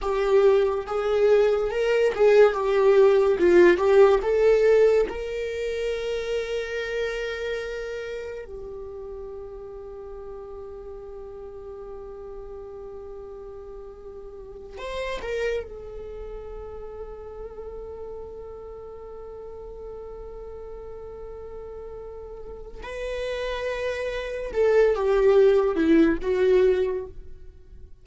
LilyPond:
\new Staff \with { instrumentName = "viola" } { \time 4/4 \tempo 4 = 71 g'4 gis'4 ais'8 gis'8 g'4 | f'8 g'8 a'4 ais'2~ | ais'2 g'2~ | g'1~ |
g'4. c''8 ais'8 a'4.~ | a'1~ | a'2. b'4~ | b'4 a'8 g'4 e'8 fis'4 | }